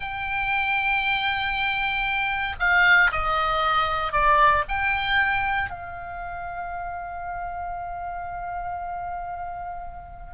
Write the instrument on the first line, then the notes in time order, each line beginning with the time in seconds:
oboe
0.00 G5
2.59 F5
3.11 D#5
4.12 D5
4.68 G5
5.69 F5